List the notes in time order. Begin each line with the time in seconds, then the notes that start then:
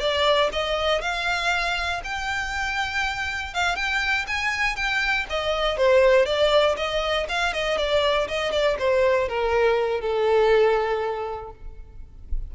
0.00 D5
0.52 D#5
1.01 F5
2.04 G5
3.54 F5
3.76 G5
4.27 G#5
4.76 G5
5.30 D#5
5.77 C5
6.26 D5
6.77 D#5
7.29 F5
7.53 D#5
7.77 D5
8.28 D#5
8.52 D5
8.79 C5
9.28 A#4
10.00 A4